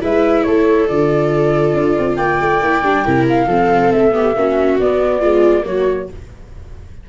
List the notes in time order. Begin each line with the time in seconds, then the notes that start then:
0.00 G#3 E4 B4 E5
0.43 A3 A4 C#5
0.87 D3 F4 D5
1.73 D4
1.98 C4
2.16 A#3 D5 G5
2.40 A3
2.61 A#3 E4
2.83 G3 D4
3.04 C3 E4 A#4
3.29 F5
3.46 F3 C4 A4
3.91 A3 E5
4.12 B3 G4
4.35 A#3 C#4 F#4
4.79 B3 D5
5.20 G#3 F4
5.62 F#3 A#3 F#4 C#5